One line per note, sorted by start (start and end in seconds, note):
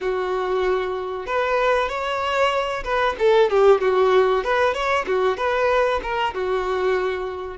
0.01 1.26 F#4
1.26 1.88 B4
1.88 2.83 C#5
2.84 3.15 B4
3.19 3.50 A4
3.50 3.80 G4
3.80 4.44 F#4
4.44 4.73 B4
4.73 5.05 C#5
5.06 5.37 F#4
5.37 6.00 B4
6.03 6.34 A#4
6.34 7.57 F#4